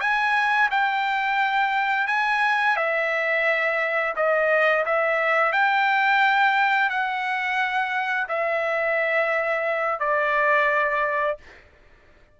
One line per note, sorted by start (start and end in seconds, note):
0.00 0.69 G#5
0.70 2.07 G5
2.07 2.76 G#5
2.76 4.14 E5
4.16 4.85 D#5
4.85 5.52 E5
5.52 6.89 G5
6.89 8.27 F#5
8.28 9.99 E5
9.99 11.37 D5